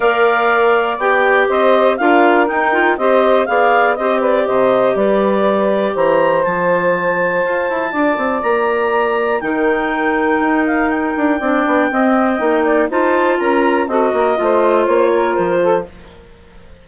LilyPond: <<
  \new Staff \with { instrumentName = "clarinet" } { \time 4/4 \tempo 4 = 121 f''2 g''4 dis''4 | f''4 g''4 dis''4 f''4 | dis''8 d''8 dis''4 d''2 | ais''4 a''2.~ |
a''4 ais''2 g''4~ | g''4. f''8 g''2~ | g''2 a''4 ais''4 | dis''2 cis''4 c''4 | }
  \new Staff \with { instrumentName = "saxophone" } { \time 4/4 d''2. c''4 | ais'2 c''4 d''4 | c''8 b'8 c''4 b'2 | c''1 |
d''2. ais'4~ | ais'2. d''4 | dis''4. d''8 c''4 ais'4 | a'8 ais'8 c''4. ais'4 a'8 | }
  \new Staff \with { instrumentName = "clarinet" } { \time 4/4 ais'2 g'2 | f'4 dis'8 f'8 g'4 gis'4 | g'1~ | g'4 f'2.~ |
f'2. dis'4~ | dis'2. d'4 | c'4 dis'4 f'2 | fis'4 f'2. | }
  \new Staff \with { instrumentName = "bassoon" } { \time 4/4 ais2 b4 c'4 | d'4 dis'4 c'4 b4 | c'4 c4 g2 | e4 f2 f'8 e'8 |
d'8 c'8 ais2 dis4~ | dis4 dis'4. d'8 c'8 b8 | c'4 ais4 dis'4 cis'4 | c'8 ais8 a4 ais4 f4 | }
>>